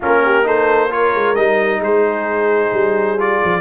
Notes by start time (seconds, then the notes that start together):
0.00 A#3 C#4 F4 A#4
0.24 G4
0.43 D#4 A4 C5
0.89 F4 A#4 C#5
1.14 G#3
1.35 G3 D#4 D#5
1.80 G#3 G#4 C5
2.72 G3
3.18 F4 D5
3.43 F3